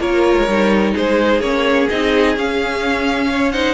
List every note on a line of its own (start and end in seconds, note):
0.00 0.36 A#3
0.00 0.47 F4
0.00 0.94 A#4
0.00 0.95 C#5
0.37 0.47 G#3
0.47 0.94 G3
0.47 1.42 D#4
0.94 1.41 G#3
0.94 3.28 G#4
0.94 1.41 C5
1.41 1.87 A#3
1.41 1.89 C#4
1.41 1.88 C#5
1.90 2.36 C4
1.90 2.37 D#4
1.90 2.37 D#5
2.36 3.74 C#4
2.36 3.53 C#4
2.36 3.52 F5
3.31 3.53 C#5
3.52 3.74 D#4
3.52 3.74 C5
3.52 3.74 F#5